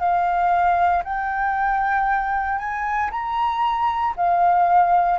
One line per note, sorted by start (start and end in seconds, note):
0.00 1.03 F5
1.04 2.59 G5
2.59 3.11 G#5
3.11 4.15 A#5
4.17 5.20 F5